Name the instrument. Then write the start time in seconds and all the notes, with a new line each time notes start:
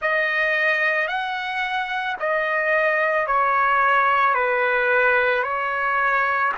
trumpet
0.01 D#5
1.07 F#5
2.19 D#5
3.26 C#5
4.34 B4
5.42 C#5